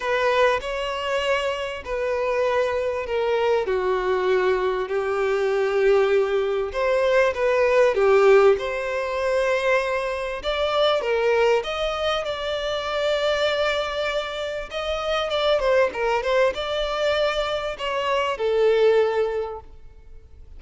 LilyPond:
\new Staff \with { instrumentName = "violin" } { \time 4/4 \tempo 4 = 98 b'4 cis''2 b'4~ | b'4 ais'4 fis'2 | g'2. c''4 | b'4 g'4 c''2~ |
c''4 d''4 ais'4 dis''4 | d''1 | dis''4 d''8 c''8 ais'8 c''8 d''4~ | d''4 cis''4 a'2 | }